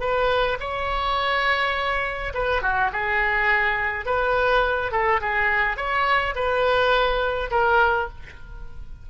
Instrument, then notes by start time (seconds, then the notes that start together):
oboe
0.00 B4
0.60 C#5
2.34 B4
2.62 F#4
2.92 G#4
4.06 B4
4.92 A4
5.21 G#4
5.77 C#5
6.35 B4
7.51 A#4